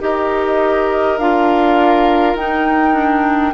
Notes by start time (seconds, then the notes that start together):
0.00 D#4 G4 A#4 D#5
1.18 D4 F4 F5
2.34 D#4 G5
2.94 D4